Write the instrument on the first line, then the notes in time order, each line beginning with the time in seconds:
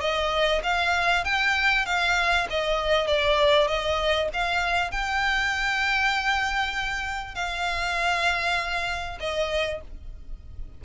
violin
0.00 D#5
0.63 F5
1.24 G5
1.85 F5
2.50 D#5
3.07 D5
3.67 D#5
4.33 F5
4.91 G5
7.35 F5
9.20 D#5